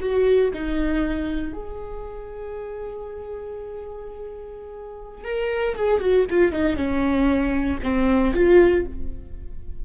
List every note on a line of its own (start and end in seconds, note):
0.00 0.51 F#4
0.53 1.53 D#4
1.53 5.24 G#4
5.24 5.76 A#4
5.76 6.00 G#4
6.00 6.26 F#4
6.30 6.52 F4
6.52 6.76 D#4
6.76 7.79 C#4
7.83 8.34 C4
8.34 8.85 F4